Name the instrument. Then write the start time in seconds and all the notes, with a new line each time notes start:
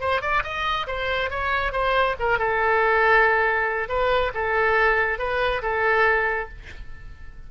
oboe
0.00 C5
0.21 D5
0.43 D#5
0.87 C5
1.30 C#5
1.72 C5
2.19 A#4
2.38 A4
3.88 B4
4.34 A4
5.18 B4
5.62 A4